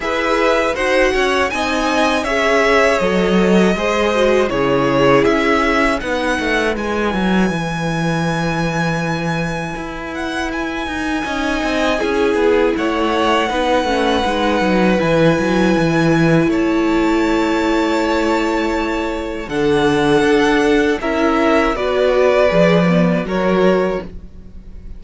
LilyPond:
<<
  \new Staff \with { instrumentName = "violin" } { \time 4/4 \tempo 4 = 80 e''4 fis''4 gis''4 e''4 | dis''2 cis''4 e''4 | fis''4 gis''2.~ | gis''4. fis''8 gis''2~ |
gis''4 fis''2. | gis''2 a''2~ | a''2 fis''2 | e''4 d''2 cis''4 | }
  \new Staff \with { instrumentName = "violin" } { \time 4/4 b'4 c''8 cis''8 dis''4 cis''4~ | cis''4 c''4 gis'2 | b'1~ | b'2. dis''4 |
gis'4 cis''4 b'2~ | b'2 cis''2~ | cis''2 a'2 | ais'4 b'2 ais'4 | }
  \new Staff \with { instrumentName = "viola" } { \time 4/4 gis'4 fis'4 dis'4 gis'4 | a'4 gis'8 fis'8 e'2 | dis'4 e'2.~ | e'2. dis'4 |
e'2 dis'8 cis'8 dis'4 | e'1~ | e'2 d'2 | e'4 fis'4 gis'8 b8 fis'4 | }
  \new Staff \with { instrumentName = "cello" } { \time 4/4 e'4 dis'8 cis'8 c'4 cis'4 | fis4 gis4 cis4 cis'4 | b8 a8 gis8 fis8 e2~ | e4 e'4. dis'8 cis'8 c'8 |
cis'8 b8 a4 b8 a8 gis8 fis8 | e8 fis8 e4 a2~ | a2 d4 d'4 | cis'4 b4 f4 fis4 | }
>>